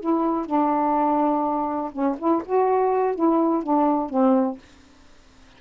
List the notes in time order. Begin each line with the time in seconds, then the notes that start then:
0.00 E4
0.46 D4
1.92 C#4
2.18 E4
2.45 F#4
3.15 E4
3.63 D4
4.10 C4